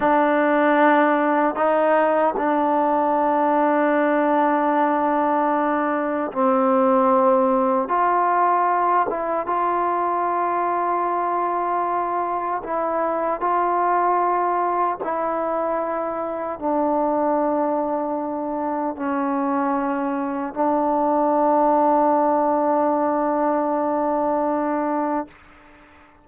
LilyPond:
\new Staff \with { instrumentName = "trombone" } { \time 4/4 \tempo 4 = 76 d'2 dis'4 d'4~ | d'1 | c'2 f'4. e'8 | f'1 |
e'4 f'2 e'4~ | e'4 d'2. | cis'2 d'2~ | d'1 | }